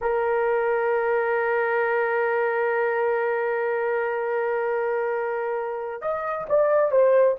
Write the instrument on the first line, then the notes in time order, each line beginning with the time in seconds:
horn
0.01 A#4
6.01 D#5
6.49 D5
6.91 C5